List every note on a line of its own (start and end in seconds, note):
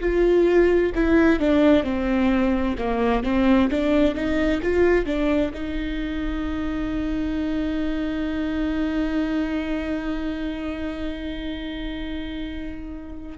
0.00 0.92 F4
0.94 1.39 E4
1.39 1.83 D4
1.83 2.76 C4
2.77 3.23 A#3
3.23 3.69 C4
3.70 4.15 D4
4.15 4.61 D#4
4.62 5.06 F4
5.06 5.52 D4
5.53 13.38 D#4